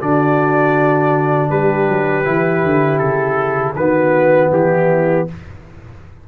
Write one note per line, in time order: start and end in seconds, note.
0.00 1.50 D3
0.00 2.24 D4
0.00 1.50 F#4
0.00 1.50 D5
1.50 1.88 G3
1.50 3.75 G4
1.50 2.98 B4
1.88 2.25 F#3
2.24 2.64 E3
2.24 3.74 E4
2.64 3.00 D3
2.98 3.75 C#3
2.98 3.73 A4
3.75 4.50 D#3
3.75 5.28 B3
3.75 4.50 F#4
3.75 4.51 B4
4.51 5.26 E3
4.51 5.27 E4
4.51 5.28 G4